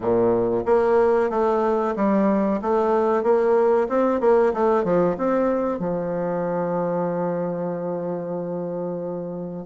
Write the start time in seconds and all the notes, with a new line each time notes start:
0.00 A#2
0.65 A#3
1.30 A3
1.96 G3
2.61 A3
3.23 A#3
3.88 C4
4.20 A#3
4.53 A3
4.84 F3
5.17 C4
5.79 F3